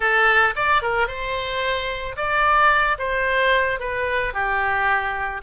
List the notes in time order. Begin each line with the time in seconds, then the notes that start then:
0.00 A4
0.55 D5
0.82 A#4
1.07 C5
2.16 D5
2.98 C5
3.79 B4
4.33 G4